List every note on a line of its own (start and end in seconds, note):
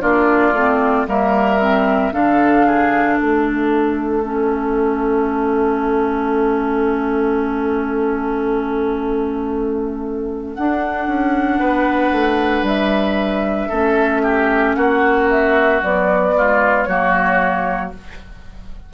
0.00 0.52 A#3
0.00 0.53 D4
0.00 1.06 F4
0.00 1.06 D5
0.52 1.05 A3
0.52 1.07 C4
1.07 2.12 G3
1.07 1.59 A#3
1.07 2.13 A#4
1.07 2.12 E5
1.60 2.12 C4
2.12 3.18 D3
2.12 4.22 D4
2.12 2.66 A4
2.12 3.17 F5
2.66 3.17 G#4
3.17 10.57 A3
3.17 11.59 A4
3.17 10.54 E5
4.24 10.55 C#4
10.54 11.07 D4
10.54 13.70 D4
10.54 12.64 F#5
11.07 11.59 C#4
11.59 12.11 B3
11.59 13.68 B4
12.11 12.62 A3
12.62 13.67 G3
12.62 14.75 E5
13.68 14.76 A3
13.68 15.81 C#4
13.68 14.21 A4
14.23 14.75 G4
14.75 15.81 A#3
14.75 16.34 F#4
14.75 15.27 F#5
15.29 15.82 E5
15.81 16.33 F#3
15.81 16.87 B3
15.81 16.84 D5
16.34 16.87 G#3
16.34 16.88 F4
16.84 17.92 F#3
16.84 17.93 A#3
16.84 17.93 F#4
16.84 17.89 C#5